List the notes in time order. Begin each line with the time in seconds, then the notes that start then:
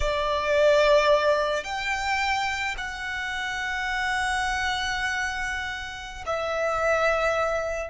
0.00 D5
1.64 G5
2.77 F#5
6.26 E5